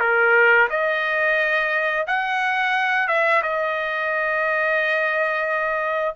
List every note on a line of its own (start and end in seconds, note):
0.00 0.68 A#4
0.70 2.06 D#5
2.07 3.08 F#5
3.08 3.42 E5
3.43 6.15 D#5